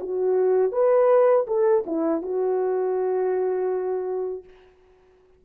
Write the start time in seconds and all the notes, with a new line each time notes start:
0.00 F#4
0.72 B4
1.47 A4
1.86 E4
2.22 F#4